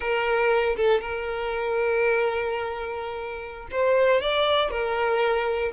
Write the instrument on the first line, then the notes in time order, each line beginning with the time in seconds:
violin
0.00 A#4
0.76 A4
1.01 A#4
3.71 C5
4.21 D5
4.70 A#4